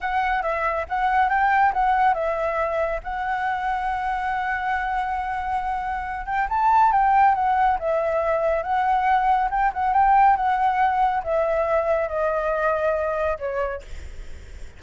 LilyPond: \new Staff \with { instrumentName = "flute" } { \time 4/4 \tempo 4 = 139 fis''4 e''4 fis''4 g''4 | fis''4 e''2 fis''4~ | fis''1~ | fis''2~ fis''8 g''8 a''4 |
g''4 fis''4 e''2 | fis''2 g''8 fis''8 g''4 | fis''2 e''2 | dis''2. cis''4 | }